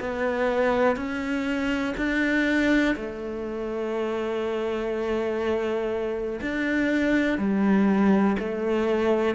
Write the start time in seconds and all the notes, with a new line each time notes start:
0.00 B3
0.96 C#4
1.97 D4
2.96 A3
6.42 D4
7.38 G3
8.39 A3